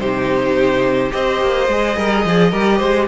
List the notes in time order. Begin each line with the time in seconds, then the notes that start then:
0.00 C3 D#4 G4 C5
1.10 C4 G4 C5 D#5
1.42 A#3
1.68 G#3 G#4
1.97 G3 A#4
2.25 F3 G#4
2.52 G3 G4 A#4
2.79 G#3 C5